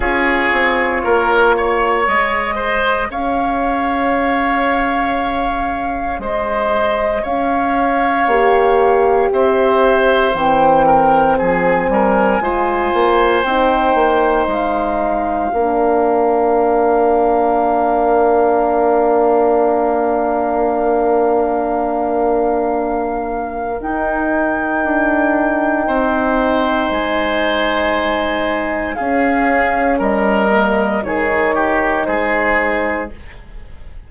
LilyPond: <<
  \new Staff \with { instrumentName = "flute" } { \time 4/4 \tempo 4 = 58 cis''2 dis''4 f''4~ | f''2 dis''4 f''4~ | f''4 e''4 g''4 gis''4~ | gis''4 g''4 f''2~ |
f''1~ | f''2. g''4~ | g''2 gis''2 | f''4 dis''4 cis''4 c''4 | }
  \new Staff \with { instrumentName = "oboe" } { \time 4/4 gis'4 ais'8 cis''4 c''8 cis''4~ | cis''2 c''4 cis''4~ | cis''4 c''4. ais'8 gis'8 ais'8 | c''2. ais'4~ |
ais'1~ | ais'1~ | ais'4 c''2. | gis'4 ais'4 gis'8 g'8 gis'4 | }
  \new Staff \with { instrumentName = "horn" } { \time 4/4 f'2 gis'2~ | gis'1 | g'2 c'2 | f'4 dis'2 d'4~ |
d'1~ | d'2. dis'4~ | dis'1 | cis'4. ais8 dis'2 | }
  \new Staff \with { instrumentName = "bassoon" } { \time 4/4 cis'8 c'8 ais4 gis4 cis'4~ | cis'2 gis4 cis'4 | ais4 c'4 e4 f8 g8 | gis8 ais8 c'8 ais8 gis4 ais4~ |
ais1~ | ais2. dis'4 | d'4 c'4 gis2 | cis'4 g4 dis4 gis4 | }
>>